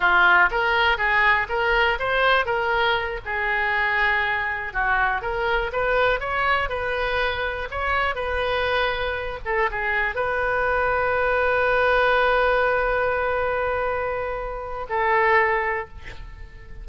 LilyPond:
\new Staff \with { instrumentName = "oboe" } { \time 4/4 \tempo 4 = 121 f'4 ais'4 gis'4 ais'4 | c''4 ais'4. gis'4.~ | gis'4. fis'4 ais'4 b'8~ | b'8 cis''4 b'2 cis''8~ |
cis''8 b'2~ b'8 a'8 gis'8~ | gis'8 b'2.~ b'8~ | b'1~ | b'2 a'2 | }